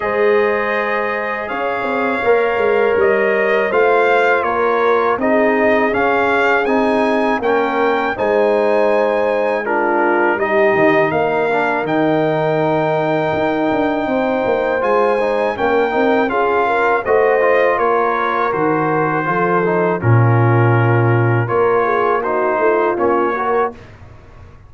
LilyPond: <<
  \new Staff \with { instrumentName = "trumpet" } { \time 4/4 \tempo 4 = 81 dis''2 f''2 | dis''4 f''4 cis''4 dis''4 | f''4 gis''4 g''4 gis''4~ | gis''4 ais'4 dis''4 f''4 |
g''1 | gis''4 g''4 f''4 dis''4 | cis''4 c''2 ais'4~ | ais'4 cis''4 c''4 cis''4 | }
  \new Staff \with { instrumentName = "horn" } { \time 4/4 c''2 cis''2~ | cis''4 c''4 ais'4 gis'4~ | gis'2 ais'4 c''4~ | c''4 f'4 g'4 ais'4~ |
ais'2. c''4~ | c''4 ais'4 gis'8 ais'8 c''4 | ais'2 a'4 f'4~ | f'4 ais'8 gis'8 fis'8 f'4 ais'8 | }
  \new Staff \with { instrumentName = "trombone" } { \time 4/4 gis'2. ais'4~ | ais'4 f'2 dis'4 | cis'4 dis'4 cis'4 dis'4~ | dis'4 d'4 dis'4. d'8 |
dis'1 | f'8 dis'8 cis'8 dis'8 f'4 fis'8 f'8~ | f'4 fis'4 f'8 dis'8 cis'4~ | cis'4 f'4 dis'4 cis'8 fis'8 | }
  \new Staff \with { instrumentName = "tuba" } { \time 4/4 gis2 cis'8 c'8 ais8 gis8 | g4 a4 ais4 c'4 | cis'4 c'4 ais4 gis4~ | gis2 g8 dis8 ais4 |
dis2 dis'8 d'8 c'8 ais8 | gis4 ais8 c'8 cis'4 a4 | ais4 dis4 f4 ais,4~ | ais,4 ais4. a8 ais4 | }
>>